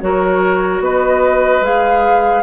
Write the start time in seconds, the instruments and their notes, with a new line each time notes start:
0.00 bassoon F#3, clarinet F#4, oboe A#4, flute C#5
0.79 bassoon B3, oboe B4, flute D#5
1.60 bassoon G#3, clarinet G#4, flute F5